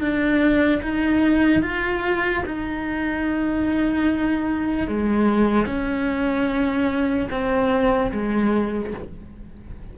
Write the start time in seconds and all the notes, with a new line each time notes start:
0.00 D4
0.82 D#4
1.62 F4
2.45 D#4
4.87 G#3
5.66 C#4
7.30 C4
8.12 G#3